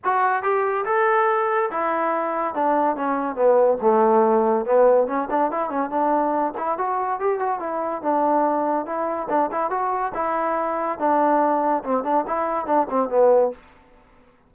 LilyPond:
\new Staff \with { instrumentName = "trombone" } { \time 4/4 \tempo 4 = 142 fis'4 g'4 a'2 | e'2 d'4 cis'4 | b4 a2 b4 | cis'8 d'8 e'8 cis'8 d'4. e'8 |
fis'4 g'8 fis'8 e'4 d'4~ | d'4 e'4 d'8 e'8 fis'4 | e'2 d'2 | c'8 d'8 e'4 d'8 c'8 b4 | }